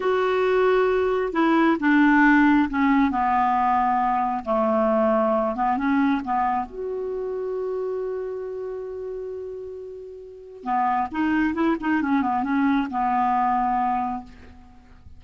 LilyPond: \new Staff \with { instrumentName = "clarinet" } { \time 4/4 \tempo 4 = 135 fis'2. e'4 | d'2 cis'4 b4~ | b2 a2~ | a8 b8 cis'4 b4 fis'4~ |
fis'1~ | fis'1 | b4 dis'4 e'8 dis'8 cis'8 b8 | cis'4 b2. | }